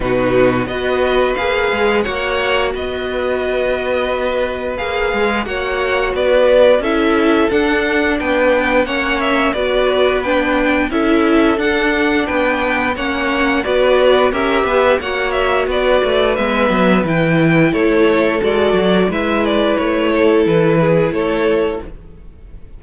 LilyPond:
<<
  \new Staff \with { instrumentName = "violin" } { \time 4/4 \tempo 4 = 88 b'4 dis''4 f''4 fis''4 | dis''2. f''4 | fis''4 d''4 e''4 fis''4 | g''4 fis''8 e''8 d''4 g''4 |
e''4 fis''4 g''4 fis''4 | d''4 e''4 fis''8 e''8 d''4 | e''4 g''4 cis''4 d''4 | e''8 d''8 cis''4 b'4 cis''4 | }
  \new Staff \with { instrumentName = "violin" } { \time 4/4 fis'4 b'2 cis''4 | b'1 | cis''4 b'4 a'2 | b'4 cis''4 b'2 |
a'2 b'4 cis''4 | b'4 ais'8 b'8 cis''4 b'4~ | b'2 a'2 | b'4. a'4 gis'8 a'4 | }
  \new Staff \with { instrumentName = "viola" } { \time 4/4 dis'4 fis'4 gis'4 fis'4~ | fis'2. gis'4 | fis'2 e'4 d'4~ | d'4 cis'4 fis'4 d'4 |
e'4 d'2 cis'4 | fis'4 g'4 fis'2 | b4 e'2 fis'4 | e'1 | }
  \new Staff \with { instrumentName = "cello" } { \time 4/4 b,4 b4 ais8 gis8 ais4 | b2. ais8 gis8 | ais4 b4 cis'4 d'4 | b4 ais4 b2 |
cis'4 d'4 b4 ais4 | b4 cis'8 b8 ais4 b8 a8 | gis8 fis8 e4 a4 gis8 fis8 | gis4 a4 e4 a4 | }
>>